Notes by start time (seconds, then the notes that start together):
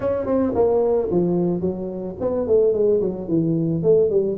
0.00 C#4
0.26 C4
0.54 A#3
1.10 F3
1.60 F#3
2.20 B3
2.47 A3
2.73 G#3
3.00 F#3
3.28 E3
3.82 A3
4.10 G3